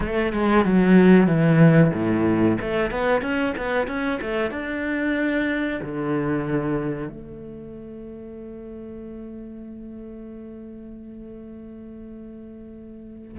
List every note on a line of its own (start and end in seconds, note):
0.00 0.32 A3
0.32 0.64 G#3
0.64 1.26 F#3
1.26 1.91 E3
1.93 2.57 A2
2.60 2.91 A3
2.91 3.21 B3
3.21 3.53 C#4
3.57 3.87 B3
3.87 4.19 C#4
4.21 4.50 A3
4.50 5.79 D4
5.82 7.08 D3
7.08 13.37 A3